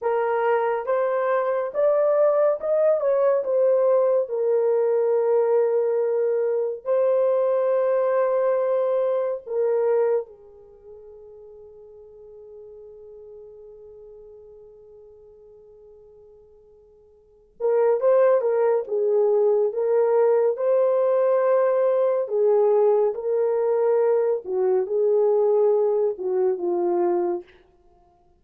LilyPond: \new Staff \with { instrumentName = "horn" } { \time 4/4 \tempo 4 = 70 ais'4 c''4 d''4 dis''8 cis''8 | c''4 ais'2. | c''2. ais'4 | gis'1~ |
gis'1~ | gis'8 ais'8 c''8 ais'8 gis'4 ais'4 | c''2 gis'4 ais'4~ | ais'8 fis'8 gis'4. fis'8 f'4 | }